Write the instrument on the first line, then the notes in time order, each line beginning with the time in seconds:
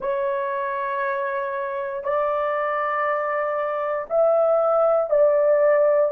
horn
0.00 C#5
2.03 D5
4.09 E5
5.10 D5